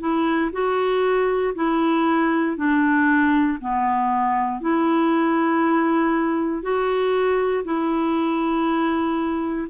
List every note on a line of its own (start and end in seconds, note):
0.00 0.51 E4
0.53 1.54 F#4
1.55 2.57 E4
2.57 3.59 D4
3.61 4.61 B3
4.61 6.63 E4
6.63 7.65 F#4
7.65 9.68 E4